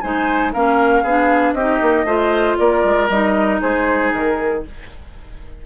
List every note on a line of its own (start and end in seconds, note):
0.00 0.54 G#3
0.00 0.53 D#4
0.00 0.53 C5
0.00 0.51 G#5
0.53 1.03 A#3
0.53 1.05 C#4
0.53 1.03 A#4
0.53 1.53 F5
1.03 1.53 B3
1.03 1.59 D4
1.03 1.54 G#4
1.53 1.79 C4
1.53 2.06 D#4
1.53 2.06 G4
1.53 2.56 D#5
1.81 2.04 A#3
2.04 2.55 A3
2.04 3.08 F4
2.04 2.57 C5
2.57 2.84 A#3
2.57 3.61 A#4
2.57 3.09 D5
2.84 3.09 G#3
3.09 3.60 G3
3.09 4.65 D#4
3.09 3.60 D#5
3.61 4.12 G#3
3.61 4.64 G#4
3.61 4.12 C5
4.12 4.64 D#3
4.12 4.64 A#4